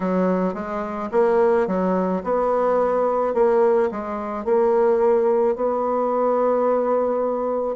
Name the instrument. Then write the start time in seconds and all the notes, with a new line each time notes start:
bassoon
0.00 F#3
0.54 G#3
1.11 A#3
1.67 F#3
2.23 B3
3.34 A#3
3.91 G#3
4.44 A#3
5.56 B3